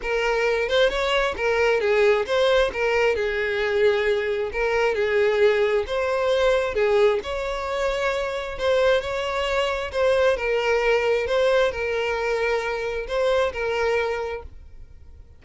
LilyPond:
\new Staff \with { instrumentName = "violin" } { \time 4/4 \tempo 4 = 133 ais'4. c''8 cis''4 ais'4 | gis'4 c''4 ais'4 gis'4~ | gis'2 ais'4 gis'4~ | gis'4 c''2 gis'4 |
cis''2. c''4 | cis''2 c''4 ais'4~ | ais'4 c''4 ais'2~ | ais'4 c''4 ais'2 | }